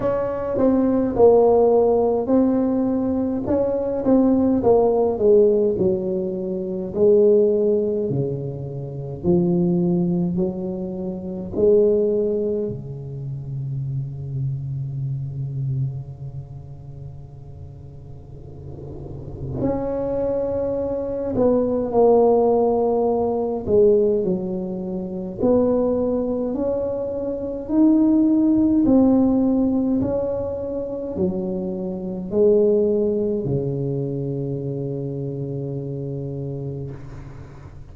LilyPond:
\new Staff \with { instrumentName = "tuba" } { \time 4/4 \tempo 4 = 52 cis'8 c'8 ais4 c'4 cis'8 c'8 | ais8 gis8 fis4 gis4 cis4 | f4 fis4 gis4 cis4~ | cis1~ |
cis4 cis'4. b8 ais4~ | ais8 gis8 fis4 b4 cis'4 | dis'4 c'4 cis'4 fis4 | gis4 cis2. | }